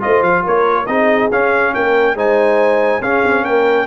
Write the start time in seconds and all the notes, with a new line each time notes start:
0.00 A3 F4 C5 D#5
0.22 F3 F5
0.43 A#3 A#4 C#5
0.86 C4 D#4 G#4 D#5
1.31 C#4 F5
1.74 A#3 A#4 G5
2.14 G#3 D#4 C5 G#5
3.01 C#4 G#4 F5
3.24 C4
3.43 A#3 A#4 G5